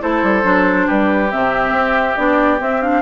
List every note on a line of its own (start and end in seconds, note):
0.00 0.23 A3
0.00 0.43 E4
0.00 0.86 A4
0.00 0.88 C5
0.23 0.44 G3
0.43 0.87 F#3
0.43 1.29 D4
0.86 1.32 G3
0.86 3.02 G4
0.86 1.31 B4
1.31 1.71 C3
1.31 2.17 C4
1.31 2.16 E5
1.71 2.15 C4
2.16 2.60 B3
2.16 2.58 D4
2.16 2.59 D5
2.58 2.79 C4
2.58 3.02 C4
2.58 2.82 E5
2.81 3.02 D4
2.81 3.02 F5